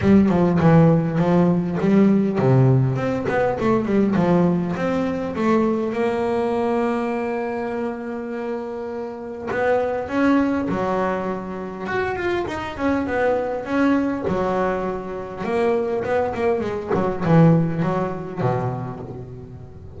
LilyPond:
\new Staff \with { instrumentName = "double bass" } { \time 4/4 \tempo 4 = 101 g8 f8 e4 f4 g4 | c4 c'8 b8 a8 g8 f4 | c'4 a4 ais2~ | ais1 |
b4 cis'4 fis2 | fis'8 f'8 dis'8 cis'8 b4 cis'4 | fis2 ais4 b8 ais8 | gis8 fis8 e4 fis4 b,4 | }